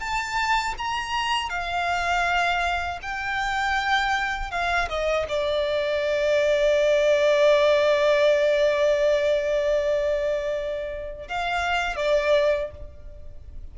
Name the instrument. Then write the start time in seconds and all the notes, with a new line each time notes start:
violin
0.00 A5
0.78 A#5
1.50 F5
3.02 G5
4.51 F5
4.89 D#5
5.29 D5
11.29 F5
11.96 D5